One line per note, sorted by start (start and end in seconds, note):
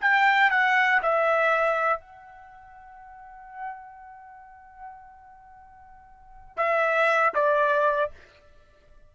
0.00 0.50 G5
0.50 1.01 F#5
1.02 2.00 E5
2.00 6.57 F#5
6.57 7.33 E5
7.34 8.11 D5